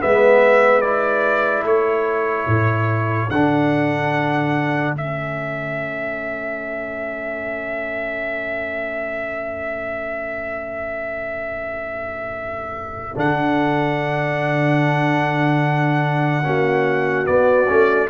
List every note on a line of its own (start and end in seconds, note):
0.00 1.63 G#3
0.00 0.82 B3
0.00 1.66 B4
0.00 0.81 E5
0.81 3.30 E4
0.81 1.63 D5
1.63 2.46 A3
1.63 16.45 A4
1.63 3.30 C#5
2.47 3.29 A2
3.30 4.92 D3
3.30 4.97 D4
3.30 4.94 F#5
4.92 13.14 A3
4.92 13.15 C#4
4.92 13.18 E5
13.15 16.45 D3
13.15 16.43 D4
13.15 17.26 F#5
16.43 17.27 A#3
16.43 17.25 C#4
16.43 18.09 F#4
17.25 17.66 B3
17.25 17.69 B3
17.25 18.08 D5
17.68 18.09 A3
17.68 18.09 C#4